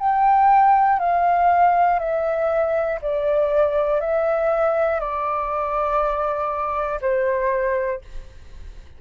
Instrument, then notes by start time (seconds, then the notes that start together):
flute
0.00 G5
1.00 F5
2.00 E5
3.02 D5
4.01 E5
5.01 D5
7.02 C5